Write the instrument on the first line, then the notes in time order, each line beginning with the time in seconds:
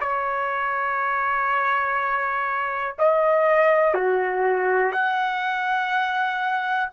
trumpet
0.00 C#5
2.98 D#5
3.94 F#4
4.92 F#5